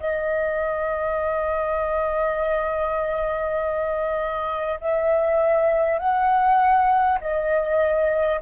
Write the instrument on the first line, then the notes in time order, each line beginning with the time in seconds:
flute
0.00 D#5
4.81 E5
5.99 F#5
7.21 D#5